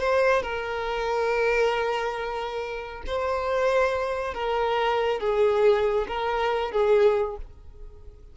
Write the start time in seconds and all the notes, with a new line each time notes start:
0.00 C5
0.42 A#4
3.07 C5
4.34 A#4
5.20 G#4
6.08 A#4
6.72 G#4